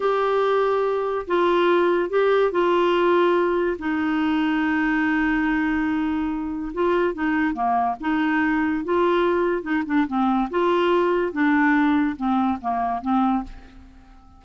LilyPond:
\new Staff \with { instrumentName = "clarinet" } { \time 4/4 \tempo 4 = 143 g'2. f'4~ | f'4 g'4 f'2~ | f'4 dis'2.~ | dis'1 |
f'4 dis'4 ais4 dis'4~ | dis'4 f'2 dis'8 d'8 | c'4 f'2 d'4~ | d'4 c'4 ais4 c'4 | }